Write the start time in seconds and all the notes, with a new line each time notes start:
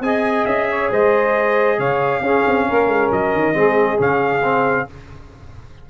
0.00 C4 G#4 D#5 G#5
0.45 C#4 E5
0.69 C#5
0.91 G#3 C5 D#5
1.77 C#3 C#5 F5
2.20 C#4 G#4
2.47 C4
2.68 A#3 A#4
2.87 G#3
3.11 F#3 D#5
3.34 D#3
3.53 G#3 C4 G#4
3.97 C#3 C#4 F5
4.43 C4